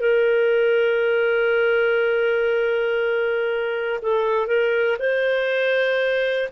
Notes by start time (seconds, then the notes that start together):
0.00 A#4
4.01 A4
4.47 A#4
4.99 C5